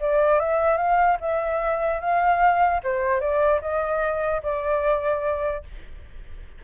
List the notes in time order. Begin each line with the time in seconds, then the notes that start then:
0.00 D5
0.39 E5
0.77 F5
1.20 E5
2.00 F5
2.84 C5
3.20 D5
3.61 D#5
4.43 D5